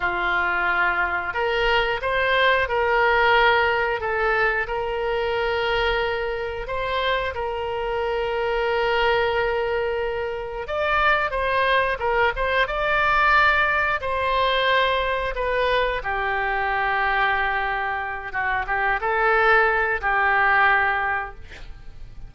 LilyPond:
\new Staff \with { instrumentName = "oboe" } { \time 4/4 \tempo 4 = 90 f'2 ais'4 c''4 | ais'2 a'4 ais'4~ | ais'2 c''4 ais'4~ | ais'1 |
d''4 c''4 ais'8 c''8 d''4~ | d''4 c''2 b'4 | g'2.~ g'8 fis'8 | g'8 a'4. g'2 | }